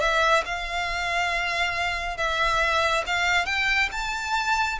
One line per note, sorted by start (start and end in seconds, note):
0.00 0.43 E5
0.45 2.17 F5
2.17 3.04 E5
3.06 3.46 F5
3.46 3.89 G5
3.92 4.79 A5